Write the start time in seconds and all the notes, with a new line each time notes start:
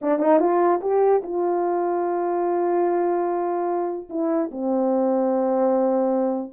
0.01 D4
0.19 D#4
0.39 F4
0.81 G4
1.23 F4
4.09 E4
4.51 C4